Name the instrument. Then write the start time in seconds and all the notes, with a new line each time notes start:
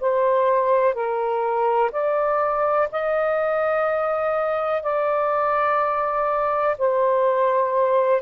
saxophone
0.00 C5
0.94 A#4
1.91 D5
2.92 D#5
4.83 D5
6.78 C5